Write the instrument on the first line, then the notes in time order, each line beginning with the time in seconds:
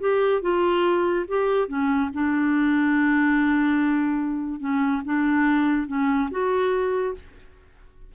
clarinet
0.00 G4
0.42 F4
1.28 G4
1.68 C#4
2.14 D4
4.60 C#4
5.05 D4
5.87 C#4
6.31 F#4